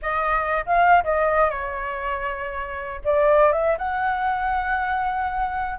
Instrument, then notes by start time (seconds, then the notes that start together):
flute
0.02 D#5
0.66 F5
1.04 D#5
1.50 C#5
3.04 D5
3.52 E5
3.78 F#5